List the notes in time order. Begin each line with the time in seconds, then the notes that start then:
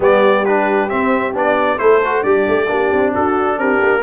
0.00 G3 B3 G4 D5
0.45 D4 B4
0.89 C4 E5
1.33 B3 D4 D5
1.78 A3 E4 A4 C5
2.04 F#4
2.22 G3 D4 G4 D5
2.47 A3
2.67 A#3 D4 G4
2.93 C4
3.14 D4 F#4 A4
3.57 C4 G4 A#4
3.80 A#3